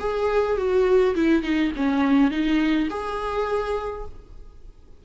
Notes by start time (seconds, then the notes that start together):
0.00 G#4
0.57 F#4
1.15 E4
1.43 D#4
1.77 C#4
2.31 D#4
2.90 G#4